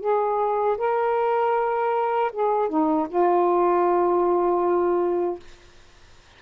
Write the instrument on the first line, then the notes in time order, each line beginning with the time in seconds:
saxophone
0.00 G#4
0.78 A#4
2.32 G#4
2.69 D#4
3.09 F4